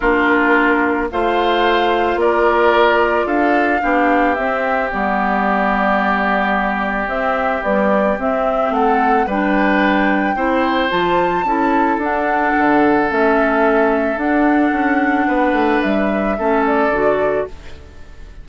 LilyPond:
<<
  \new Staff \with { instrumentName = "flute" } { \time 4/4 \tempo 4 = 110 ais'2 f''2 | d''2 f''2 | e''4 d''2.~ | d''4 e''4 d''4 e''4 |
fis''4 g''2. | a''2 fis''2 | e''2 fis''2~ | fis''4 e''4. d''4. | }
  \new Staff \with { instrumentName = "oboe" } { \time 4/4 f'2 c''2 | ais'2 a'4 g'4~ | g'1~ | g'1 |
a'4 b'2 c''4~ | c''4 a'2.~ | a'1 | b'2 a'2 | }
  \new Staff \with { instrumentName = "clarinet" } { \time 4/4 d'2 f'2~ | f'2. d'4 | c'4 b2.~ | b4 c'4 g4 c'4~ |
c'4 d'2 e'4 | f'4 e'4 d'2 | cis'2 d'2~ | d'2 cis'4 fis'4 | }
  \new Staff \with { instrumentName = "bassoon" } { \time 4/4 ais2 a2 | ais2 d'4 b4 | c'4 g2.~ | g4 c'4 b4 c'4 |
a4 g2 c'4 | f4 cis'4 d'4 d4 | a2 d'4 cis'4 | b8 a8 g4 a4 d4 | }
>>